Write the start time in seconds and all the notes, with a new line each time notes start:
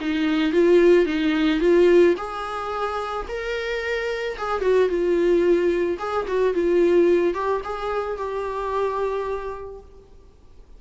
0.00 D#4
0.52 F4
1.05 D#4
1.60 F4
2.17 G#4
3.28 A#4
4.37 G#4
4.61 F#4
4.88 F4
5.99 G#4
6.28 F#4
6.54 F4
7.34 G4
7.64 G#4
8.17 G4